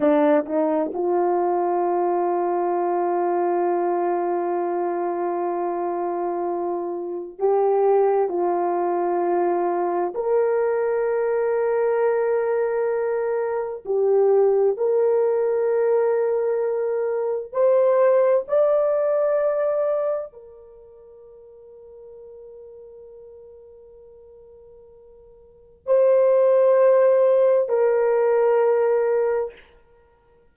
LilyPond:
\new Staff \with { instrumentName = "horn" } { \time 4/4 \tempo 4 = 65 d'8 dis'8 f'2.~ | f'1 | g'4 f'2 ais'4~ | ais'2. g'4 |
ais'2. c''4 | d''2 ais'2~ | ais'1 | c''2 ais'2 | }